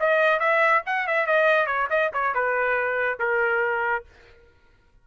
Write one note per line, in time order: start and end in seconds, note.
0.00 0.40 D#5
0.40 0.83 E5
0.86 1.07 F#5
1.07 1.27 E5
1.27 1.67 D#5
1.67 1.88 C#5
1.90 2.12 D#5
2.13 2.35 C#5
2.35 3.19 B4
3.19 4.05 A#4